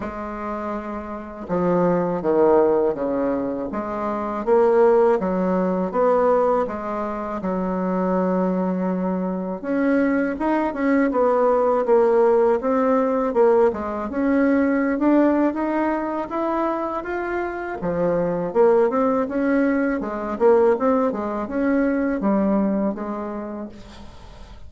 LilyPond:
\new Staff \with { instrumentName = "bassoon" } { \time 4/4 \tempo 4 = 81 gis2 f4 dis4 | cis4 gis4 ais4 fis4 | b4 gis4 fis2~ | fis4 cis'4 dis'8 cis'8 b4 |
ais4 c'4 ais8 gis8 cis'4~ | cis'16 d'8. dis'4 e'4 f'4 | f4 ais8 c'8 cis'4 gis8 ais8 | c'8 gis8 cis'4 g4 gis4 | }